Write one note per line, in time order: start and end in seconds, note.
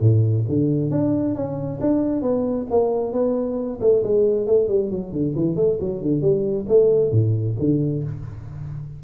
0.00 0.44 A2
0.48 0.91 D3
0.91 1.35 D4
1.35 1.79 C#4
1.80 2.22 D4
2.22 2.66 B3
2.70 3.13 A#3
3.13 3.79 B3
3.81 4.03 A3
4.04 4.46 G#3
4.46 4.68 A3
4.68 4.91 G3
4.91 5.12 F#3
5.12 5.35 D3
5.35 5.56 E3
5.56 5.78 A3
5.80 6.02 F#3
6.02 6.21 D3
6.21 6.66 G3
6.68 7.11 A3
7.11 7.56 A2
7.59 8.03 D3